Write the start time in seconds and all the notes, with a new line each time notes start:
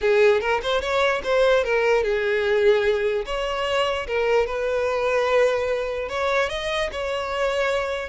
0.01 G#4
0.40 A#4
0.63 C5
0.81 C#5
1.23 C5
1.64 A#4
2.03 G#4
3.25 C#5
4.07 A#4
4.46 B4
6.08 C#5
6.49 D#5
6.92 C#5